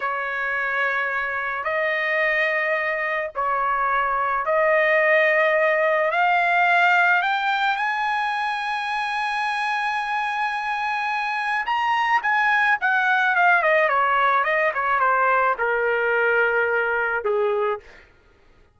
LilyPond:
\new Staff \with { instrumentName = "trumpet" } { \time 4/4 \tempo 4 = 108 cis''2. dis''4~ | dis''2 cis''2 | dis''2. f''4~ | f''4 g''4 gis''2~ |
gis''1~ | gis''4 ais''4 gis''4 fis''4 | f''8 dis''8 cis''4 dis''8 cis''8 c''4 | ais'2. gis'4 | }